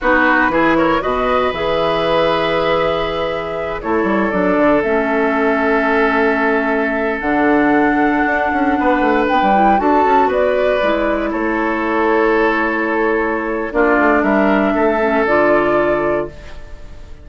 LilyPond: <<
  \new Staff \with { instrumentName = "flute" } { \time 4/4 \tempo 4 = 118 b'4. cis''8 dis''4 e''4~ | e''2.~ e''8 cis''8~ | cis''8 d''4 e''2~ e''8~ | e''2~ e''16 fis''4.~ fis''16~ |
fis''2~ fis''16 g''4 a''8.~ | a''16 d''2 cis''4.~ cis''16~ | cis''2. d''4 | e''2 d''2 | }
  \new Staff \with { instrumentName = "oboe" } { \time 4/4 fis'4 gis'8 ais'8 b'2~ | b'2.~ b'8 a'8~ | a'1~ | a'1~ |
a'4~ a'16 b'2 a'8.~ | a'16 b'2 a'4.~ a'16~ | a'2. f'4 | ais'4 a'2. | }
  \new Staff \with { instrumentName = "clarinet" } { \time 4/4 dis'4 e'4 fis'4 gis'4~ | gis'2.~ gis'8 e'8~ | e'8 d'4 cis'2~ cis'8~ | cis'2~ cis'16 d'4.~ d'16~ |
d'2~ d'8. e'8 fis'8.~ | fis'4~ fis'16 e'2~ e'8.~ | e'2. d'4~ | d'4. cis'8 f'2 | }
  \new Staff \with { instrumentName = "bassoon" } { \time 4/4 b4 e4 b,4 e4~ | e2.~ e8 a8 | g8 fis8 d8 a2~ a8~ | a2~ a16 d4.~ d16~ |
d16 d'8 cis'8 b8 a8 b16 g8. d'8 cis'16~ | cis'16 b4 gis4 a4.~ a16~ | a2. ais8 a8 | g4 a4 d2 | }
>>